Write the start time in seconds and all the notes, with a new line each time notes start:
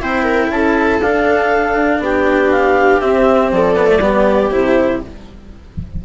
0.00 C4 E4 C5 G5
0.23 A#4
0.49 C#4 A4 A5
1.00 D4 F5
1.99 B3 G4 G5
2.51 F5
3.01 C4 E5
3.51 F3 A4 D5
3.76 B3
3.87 A3
3.99 G3 B3 G4
4.51 C3 E4 C5